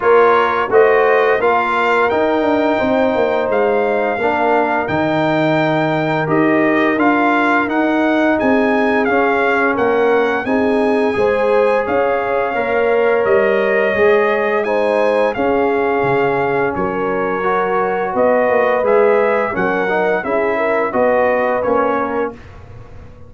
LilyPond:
<<
  \new Staff \with { instrumentName = "trumpet" } { \time 4/4 \tempo 4 = 86 cis''4 dis''4 f''4 g''4~ | g''4 f''2 g''4~ | g''4 dis''4 f''4 fis''4 | gis''4 f''4 fis''4 gis''4~ |
gis''4 f''2 dis''4~ | dis''4 gis''4 f''2 | cis''2 dis''4 e''4 | fis''4 e''4 dis''4 cis''4 | }
  \new Staff \with { instrumentName = "horn" } { \time 4/4 ais'4 c''4 ais'2 | c''2 ais'2~ | ais'1 | gis'2 ais'4 gis'4 |
c''4 cis''2.~ | cis''4 c''4 gis'2 | ais'2 b'2 | ais'4 gis'8 ais'8 b'4. ais'8 | }
  \new Staff \with { instrumentName = "trombone" } { \time 4/4 f'4 fis'4 f'4 dis'4~ | dis'2 d'4 dis'4~ | dis'4 g'4 f'4 dis'4~ | dis'4 cis'2 dis'4 |
gis'2 ais'2 | gis'4 dis'4 cis'2~ | cis'4 fis'2 gis'4 | cis'8 dis'8 e'4 fis'4 cis'4 | }
  \new Staff \with { instrumentName = "tuba" } { \time 4/4 ais4 a4 ais4 dis'8 d'8 | c'8 ais8 gis4 ais4 dis4~ | dis4 dis'4 d'4 dis'4 | c'4 cis'4 ais4 c'4 |
gis4 cis'4 ais4 g4 | gis2 cis'4 cis4 | fis2 b8 ais8 gis4 | fis4 cis'4 b4 ais4 | }
>>